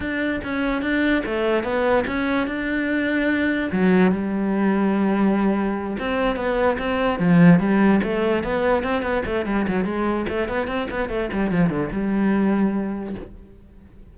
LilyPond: \new Staff \with { instrumentName = "cello" } { \time 4/4 \tempo 4 = 146 d'4 cis'4 d'4 a4 | b4 cis'4 d'2~ | d'4 fis4 g2~ | g2~ g8 c'4 b8~ |
b8 c'4 f4 g4 a8~ | a8 b4 c'8 b8 a8 g8 fis8 | gis4 a8 b8 c'8 b8 a8 g8 | f8 d8 g2. | }